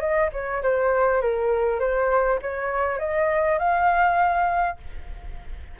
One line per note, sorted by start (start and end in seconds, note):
0.00 0.30 D#5
0.33 0.62 C#5
0.63 1.22 C5
1.22 1.80 A#4
1.80 2.40 C5
2.42 2.99 C#5
2.99 3.59 D#5
3.59 4.78 F5